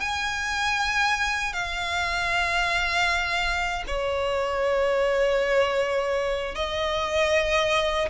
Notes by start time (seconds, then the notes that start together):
0.00 G#5
1.53 F5
3.87 C#5
6.55 D#5